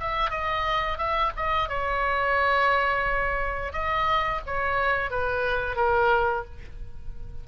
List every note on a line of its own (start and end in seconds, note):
0.00 0.30 E5
0.30 0.98 D#5
0.98 1.32 E5
1.36 1.69 D#5
1.69 3.73 C#5
3.73 4.41 D#5
4.46 5.10 C#5
5.10 5.76 B4
5.76 6.44 A#4